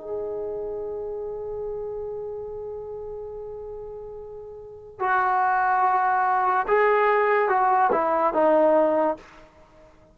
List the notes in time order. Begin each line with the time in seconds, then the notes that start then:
0.00 G#4
4.99 F#4
6.67 G#4
7.48 F#4
7.92 E4
8.33 D#4